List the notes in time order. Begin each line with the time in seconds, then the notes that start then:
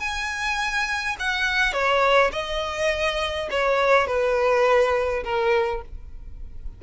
0.00 G#5
1.19 F#5
1.73 C#5
2.32 D#5
3.51 C#5
4.07 B4
5.24 A#4